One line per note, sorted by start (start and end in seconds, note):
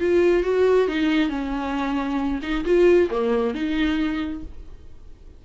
0.00 0.43 F4
0.43 0.88 F#4
0.88 1.29 D#4
1.29 2.40 C#4
2.42 2.65 D#4
2.65 3.09 F4
3.10 3.54 A#3
3.54 4.43 D#4